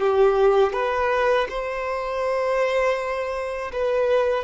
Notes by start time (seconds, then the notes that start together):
0.00 G4
0.73 B4
1.50 C5
3.73 B4